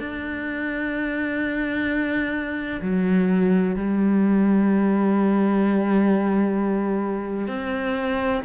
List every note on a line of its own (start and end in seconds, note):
0.00 2.81 D4
2.82 3.76 F#3
3.76 7.48 G3
7.48 8.42 C4